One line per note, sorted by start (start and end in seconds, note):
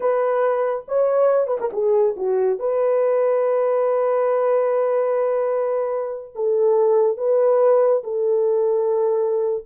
0.00 0.85 B4
0.87 1.47 C#5
1.47 1.57 B4
1.60 1.70 A#4
1.72 2.15 G#4
2.16 2.59 F#4
2.59 6.34 B4
6.35 7.17 A4
7.17 8.02 B4
8.03 9.64 A4